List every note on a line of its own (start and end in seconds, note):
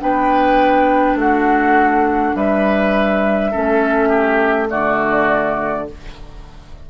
0.00 1.15 B3
0.00 3.52 D4
0.00 1.19 B4
0.00 1.18 G5
1.15 2.33 A3
1.15 2.36 F#4
1.15 2.35 F#5
2.35 3.52 G3
2.35 3.51 B4
2.35 4.69 E5
3.51 4.72 A3
3.51 4.68 C#4
3.51 4.09 A4
4.09 4.67 G4
4.68 5.90 D3
4.68 5.86 A3
4.68 5.88 F#4
4.68 5.87 D5